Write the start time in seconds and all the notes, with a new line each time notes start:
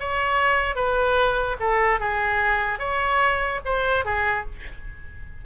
0.00 C#5
0.76 B4
1.60 A4
2.00 G#4
2.80 C#5
3.65 C5
4.05 G#4